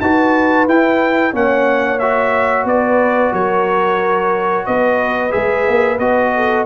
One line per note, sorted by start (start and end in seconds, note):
0.00 0.67 D#4
0.00 0.68 F#4
0.00 1.33 B4
0.00 0.67 A5
0.67 1.33 E4
0.67 1.32 E4
0.67 1.35 G5
1.32 2.64 A#3
1.32 1.99 C#4
1.32 2.67 C#5
1.32 1.99 F#5
1.99 5.30 F#4
1.99 2.66 E5
2.64 3.31 B3
2.64 3.32 B4
2.64 3.33 D5
3.32 4.66 F#3
3.32 4.66 A#4
3.32 4.66 C#5
4.66 5.34 B3
4.66 6.33 B4
4.66 5.32 D#5
5.30 5.67 G#3
5.30 5.96 G#4
5.30 5.98 E5
5.67 5.98 A#3
5.98 6.65 B3
5.98 6.65 F#4
5.98 6.65 D#5
6.35 6.65 A4